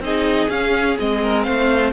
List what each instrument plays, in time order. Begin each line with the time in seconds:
0.00 cello C4, viola D#4, violin G#4 D#5
0.49 cello C#4, viola C#4, violin F5
0.99 cello G#3, viola C4, violin D#5
1.23 violin A#4
1.43 cello A3, violin C5 F5